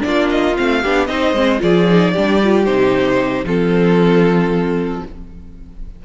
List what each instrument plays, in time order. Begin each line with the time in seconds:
0.00 cello A#3, viola D4, violin F4 D5
0.30 violin D#5
0.57 cello A3, viola C4, violin F5
0.82 cello B3, viola D4, violin G4
1.06 cello C4, viola D#4, violin C5 D#5
1.33 cello G#3, viola C4
1.59 cello F3, viola F4, violin G#4 D5
1.89 viola D#4
2.14 cello G3, viola D4, violin G4
2.43 viola F4
2.65 cello C3, viola D#4, violin C5
3.44 cello F3, viola C4, violin F4 A4